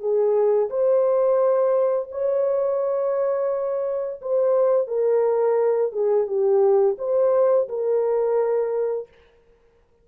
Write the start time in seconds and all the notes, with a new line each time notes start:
0.00 G#4
0.70 C5
2.12 C#5
4.21 C5
4.88 A#4
5.92 G#4
6.27 G4
6.99 C5
7.69 A#4